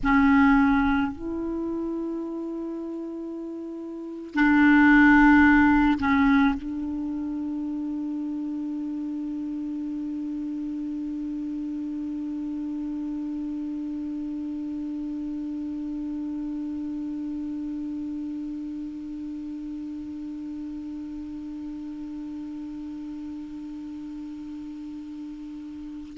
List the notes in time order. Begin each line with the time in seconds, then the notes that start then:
0.03 C#4
1.12 E4
4.34 D4
5.99 C#4
6.56 D4